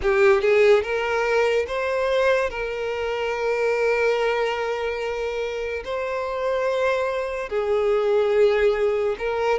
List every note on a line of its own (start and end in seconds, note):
0.02 0.41 G4
0.41 0.82 G#4
0.83 1.66 A#4
1.67 2.50 C5
2.50 5.83 A#4
5.84 7.49 C5
7.49 9.16 G#4
9.18 9.58 A#4